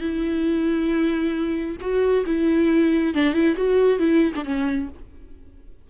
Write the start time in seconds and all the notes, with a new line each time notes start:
0.00 E4
1.80 F#4
2.26 E4
3.14 D4
3.33 E4
3.56 F#4
3.99 E4
4.35 D4
4.44 C#4